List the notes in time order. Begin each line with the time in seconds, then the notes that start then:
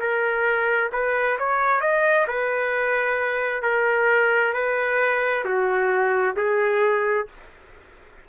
0.00 A#4
0.93 B4
1.39 C#5
1.81 D#5
2.28 B4
3.63 A#4
4.54 B4
5.45 F#4
6.37 G#4